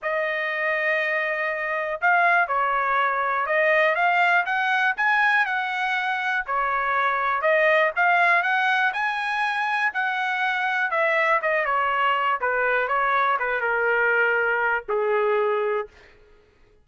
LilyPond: \new Staff \with { instrumentName = "trumpet" } { \time 4/4 \tempo 4 = 121 dis''1 | f''4 cis''2 dis''4 | f''4 fis''4 gis''4 fis''4~ | fis''4 cis''2 dis''4 |
f''4 fis''4 gis''2 | fis''2 e''4 dis''8 cis''8~ | cis''4 b'4 cis''4 b'8 ais'8~ | ais'2 gis'2 | }